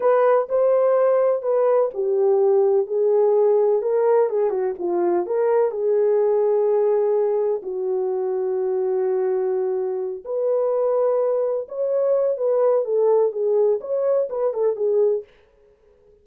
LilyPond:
\new Staff \with { instrumentName = "horn" } { \time 4/4 \tempo 4 = 126 b'4 c''2 b'4 | g'2 gis'2 | ais'4 gis'8 fis'8 f'4 ais'4 | gis'1 |
fis'1~ | fis'4. b'2~ b'8~ | b'8 cis''4. b'4 a'4 | gis'4 cis''4 b'8 a'8 gis'4 | }